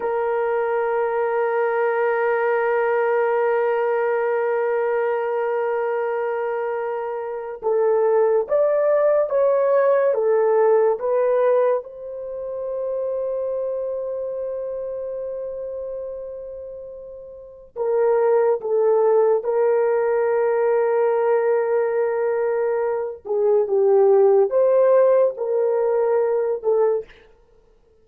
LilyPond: \new Staff \with { instrumentName = "horn" } { \time 4/4 \tempo 4 = 71 ais'1~ | ais'1~ | ais'4 a'4 d''4 cis''4 | a'4 b'4 c''2~ |
c''1~ | c''4 ais'4 a'4 ais'4~ | ais'2.~ ais'8 gis'8 | g'4 c''4 ais'4. a'8 | }